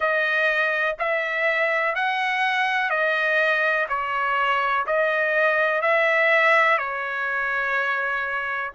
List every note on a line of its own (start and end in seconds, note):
0.00 0.96 D#5
0.99 1.95 E5
1.95 2.90 F#5
2.90 3.87 D#5
3.88 4.85 C#5
4.86 5.81 D#5
5.81 6.77 E5
6.77 8.71 C#5